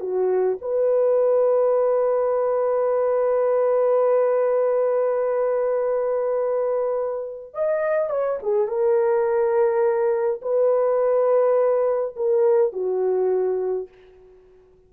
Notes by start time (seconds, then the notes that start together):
0.00 F#4
0.61 B4
7.53 D#5
8.10 C#5
8.43 G#4
8.67 A#4
10.42 B4
12.16 A#4
12.73 F#4